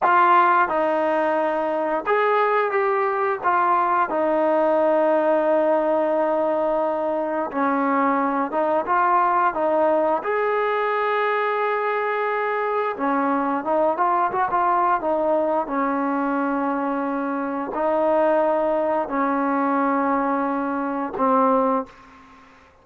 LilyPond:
\new Staff \with { instrumentName = "trombone" } { \time 4/4 \tempo 4 = 88 f'4 dis'2 gis'4 | g'4 f'4 dis'2~ | dis'2. cis'4~ | cis'8 dis'8 f'4 dis'4 gis'4~ |
gis'2. cis'4 | dis'8 f'8 fis'16 f'8. dis'4 cis'4~ | cis'2 dis'2 | cis'2. c'4 | }